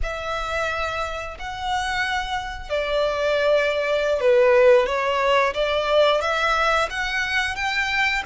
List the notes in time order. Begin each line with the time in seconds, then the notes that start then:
0.02 E5
1.39 F#5
2.69 D5
4.20 B4
4.86 C#5
5.53 D5
6.21 E5
6.89 F#5
7.55 G5